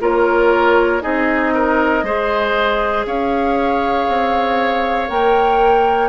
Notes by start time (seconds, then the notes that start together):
0.00 A#3 F4 A#4 C#5
1.01 C4 D#4 G#4 D#5
1.53 A#4
2.03 G#3 G#4 C5
3.05 C#4 C#5 F5
4.07 C4
5.07 A#3 A#4 G5